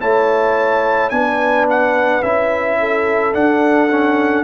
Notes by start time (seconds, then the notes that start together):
0.00 A3 E4 C#5 A5
1.10 B3 D4 B4 G#5
1.70 F#5
2.23 C#4 E4 E5
2.80 A4
3.33 D4 F#5
3.91 C#4